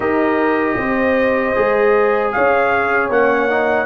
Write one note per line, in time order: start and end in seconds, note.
0.00 0.76 D#4
0.00 1.55 G4
0.00 0.77 A#4
0.00 2.31 D#5
0.76 1.54 C4
0.76 2.34 C5
1.55 2.35 G#3
1.55 3.11 G#4
2.31 3.09 C#4
2.31 3.86 C#5
2.31 3.09 F5
3.09 3.86 A#3
3.09 3.49 C#4
3.09 3.86 F#5
3.49 3.86 D#4